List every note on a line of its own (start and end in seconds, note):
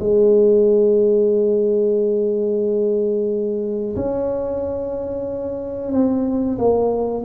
0.00 3.96 G#3
3.96 5.92 C#4
5.92 6.58 C4
6.58 7.24 A#3